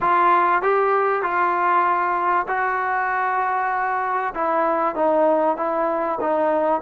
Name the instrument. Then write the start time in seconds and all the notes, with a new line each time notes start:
trombone
0.01 F4
0.62 G4
1.22 F4
2.48 F#4
4.34 E4
4.95 D#4
5.57 E4
6.21 D#4